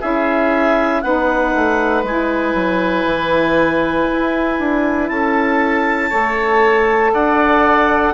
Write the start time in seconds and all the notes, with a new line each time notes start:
0.00 C#4 E4 G#4 E5
1.01 B3 D#4 B4 F#5
1.54 A3
2.03 G#3 E4 G#5
2.54 F#3
3.05 E3
4.12 E4
4.59 D4
5.08 C#4 A4 A5
6.09 A3 A4 C#5
7.13 D4 D5 F#5